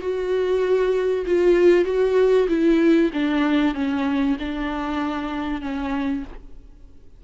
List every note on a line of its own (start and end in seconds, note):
0.00 1.25 F#4
1.26 1.85 F4
1.85 2.47 F#4
2.48 3.11 E4
3.13 3.74 D4
3.74 4.37 C#4
4.39 5.61 D4
5.61 6.24 C#4